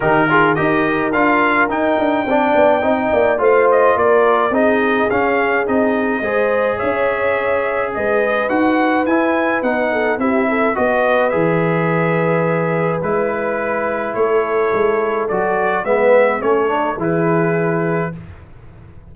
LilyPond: <<
  \new Staff \with { instrumentName = "trumpet" } { \time 4/4 \tempo 4 = 106 ais'4 dis''4 f''4 g''4~ | g''2 f''8 dis''8 d''4 | dis''4 f''4 dis''2 | e''2 dis''4 fis''4 |
gis''4 fis''4 e''4 dis''4 | e''2. b'4~ | b'4 cis''2 d''4 | e''4 cis''4 b'2 | }
  \new Staff \with { instrumentName = "horn" } { \time 4/4 g'8 gis'8 ais'2. | d''4 dis''8 d''8 c''4 ais'4 | gis'2. c''4 | cis''2 b'2~ |
b'4. a'8 g'8 a'8 b'4~ | b'1~ | b'4 a'2. | b'4 a'4 gis'2 | }
  \new Staff \with { instrumentName = "trombone" } { \time 4/4 dis'8 f'8 g'4 f'4 dis'4 | d'4 dis'4 f'2 | dis'4 cis'4 dis'4 gis'4~ | gis'2. fis'4 |
e'4 dis'4 e'4 fis'4 | gis'2. e'4~ | e'2. fis'4 | b4 cis'8 d'8 e'2 | }
  \new Staff \with { instrumentName = "tuba" } { \time 4/4 dis4 dis'4 d'4 dis'8 d'8 | c'8 b8 c'8 ais8 a4 ais4 | c'4 cis'4 c'4 gis4 | cis'2 gis4 dis'4 |
e'4 b4 c'4 b4 | e2. gis4~ | gis4 a4 gis4 fis4 | gis4 a4 e2 | }
>>